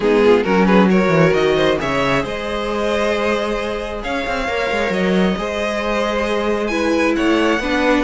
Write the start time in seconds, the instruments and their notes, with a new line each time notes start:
0.00 cello G#3, viola B3, violin D#4 G#4
0.24 violin F4
0.43 cello F#3, viola C#4, violin F#4 A#4
0.65 violin G#4 B4
0.89 viola F#4, violin A#4 C#5
1.09 cello E3
1.33 cello D#3, violin D#5
1.55 violin C5
1.78 cello C#3, viola G#4, violin C#5 E5
2.22 cello G#3, violin C5 D#5
4.03 cello C#4, violin C#5 F5
4.27 cello C4
4.47 cello A#3, viola A#4
4.71 cello G#3
4.90 cello F#3, violin D#5
5.37 cello G#3, viola G#4, violin C5
6.67 viola E4, violin B4 G#5
7.15 cello A3, violin C#5 F#5
7.59 cello B3, viola D4, violin B4